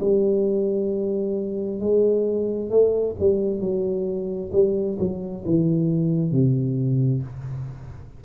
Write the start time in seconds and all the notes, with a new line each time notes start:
0.00 G3
1.80 G#3
2.70 A3
3.19 G3
3.60 F#3
4.53 G3
4.99 F#3
5.45 E3
6.32 C3